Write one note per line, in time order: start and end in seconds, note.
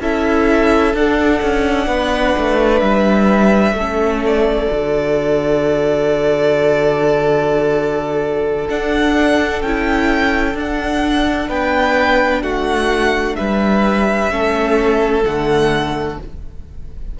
0.00 0.94 C#4
0.00 0.94 E4
0.00 1.87 A4
0.00 0.95 E5
0.94 1.41 D4
0.94 3.76 D4
0.94 2.79 F#5
1.42 1.87 C#4
1.87 2.34 B3
1.87 3.74 B4
2.37 2.81 A3
2.79 3.72 G3
2.79 4.20 E5
3.72 4.66 A3
3.72 4.71 C#4
3.72 11.48 A4
4.25 8.68 D5
4.71 8.69 D3
4.71 8.69 F#4
8.68 9.62 D4
8.68 9.62 F#5
9.62 10.54 C#4
9.62 10.55 E4
9.62 10.56 G5
10.54 11.48 D4
10.54 14.29 D4
10.54 11.49 F#5
11.48 12.42 B3
11.48 12.42 B4
11.48 12.42 G5
12.42 13.35 A3
12.42 13.36 F#4
12.42 13.36 F#5
13.36 14.31 G3
13.36 14.32 B4
13.36 15.23 E5
14.29 15.24 A3
14.29 15.23 C#4
14.29 16.19 A4
15.24 16.18 D3
15.24 16.20 A3
15.24 16.18 F#5